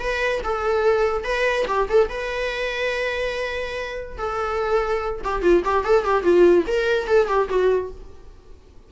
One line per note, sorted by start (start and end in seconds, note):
0.00 0.42 B4
0.44 1.24 A4
1.24 1.66 B4
1.68 1.89 G4
1.90 2.10 A4
2.10 4.18 B4
4.18 5.22 A4
5.25 5.42 G4
5.42 5.63 F4
5.65 5.85 G4
5.85 6.05 A4
6.05 6.24 G4
6.24 6.65 F4
6.68 7.08 A#4
7.08 7.28 A4
7.28 7.49 G4
7.50 7.91 F#4